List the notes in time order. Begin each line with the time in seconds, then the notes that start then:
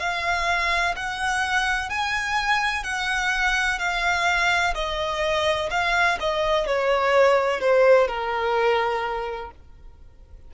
0.00 F5
0.97 F#5
1.90 G#5
2.84 F#5
3.79 F5
4.75 D#5
5.71 F5
6.20 D#5
6.67 C#5
7.61 C5
8.08 A#4